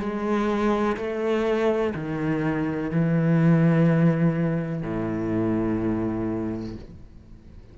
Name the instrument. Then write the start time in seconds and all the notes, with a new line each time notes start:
cello
0.00 G#3
0.97 A3
1.94 D#3
2.91 E3
4.83 A2